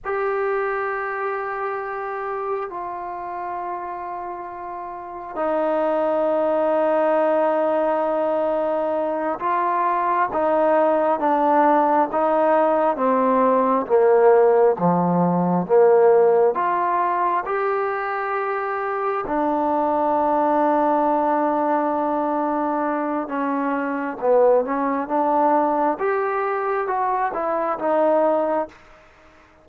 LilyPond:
\new Staff \with { instrumentName = "trombone" } { \time 4/4 \tempo 4 = 67 g'2. f'4~ | f'2 dis'2~ | dis'2~ dis'8 f'4 dis'8~ | dis'8 d'4 dis'4 c'4 ais8~ |
ais8 f4 ais4 f'4 g'8~ | g'4. d'2~ d'8~ | d'2 cis'4 b8 cis'8 | d'4 g'4 fis'8 e'8 dis'4 | }